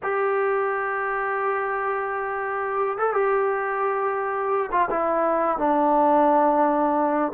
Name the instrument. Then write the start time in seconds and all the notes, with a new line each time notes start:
trombone
0.02 G4
2.97 A4
3.13 G4
4.71 F4
4.90 E4
5.58 D4